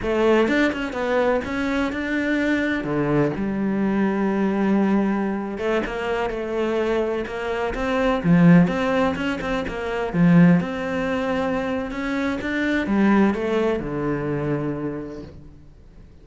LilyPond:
\new Staff \with { instrumentName = "cello" } { \time 4/4 \tempo 4 = 126 a4 d'8 cis'8 b4 cis'4 | d'2 d4 g4~ | g2.~ g8. a16~ | a16 ais4 a2 ais8.~ |
ais16 c'4 f4 c'4 cis'8 c'16~ | c'16 ais4 f4 c'4.~ c'16~ | c'4 cis'4 d'4 g4 | a4 d2. | }